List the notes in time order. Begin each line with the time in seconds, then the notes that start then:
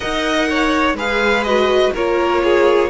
0.00 D#4 A#4 D#5 F#5
0.49 C#5
0.94 G#3 G#4 B4 F5
1.43 F#4 D#5
1.93 A#3 F4 A#4 C#5
2.43 G#4